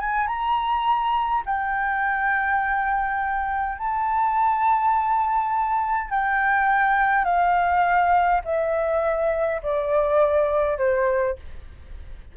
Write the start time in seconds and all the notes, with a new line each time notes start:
0.00 G#5
0.27 A#5
1.46 G5
3.78 A5
6.10 G5
7.24 F5
8.45 E5
9.62 D5
10.78 C5